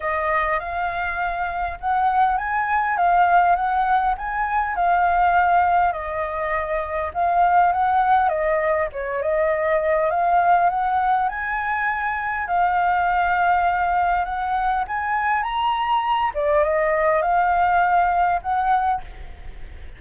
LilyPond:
\new Staff \with { instrumentName = "flute" } { \time 4/4 \tempo 4 = 101 dis''4 f''2 fis''4 | gis''4 f''4 fis''4 gis''4 | f''2 dis''2 | f''4 fis''4 dis''4 cis''8 dis''8~ |
dis''4 f''4 fis''4 gis''4~ | gis''4 f''2. | fis''4 gis''4 ais''4. d''8 | dis''4 f''2 fis''4 | }